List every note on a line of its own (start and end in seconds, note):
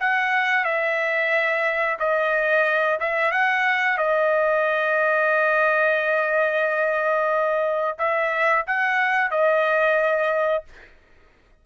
0.00 0.64 F#5
0.64 1.97 E5
1.99 2.99 D#5
3.00 3.31 E5
3.31 3.97 F#5
3.97 7.97 D#5
7.98 8.65 E5
8.67 9.31 F#5
9.31 10.64 D#5